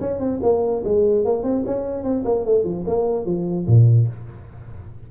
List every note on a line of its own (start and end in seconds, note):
0.00 0.19 C#4
0.19 0.40 C4
0.42 0.83 A#3
0.84 1.24 G#3
1.24 1.43 A#3
1.43 1.63 C4
1.66 2.03 C#4
2.03 2.24 C4
2.24 2.45 A#3
2.45 2.63 A3
2.63 2.84 F3
2.86 3.25 A#3
3.25 3.66 F3
3.66 4.07 A#2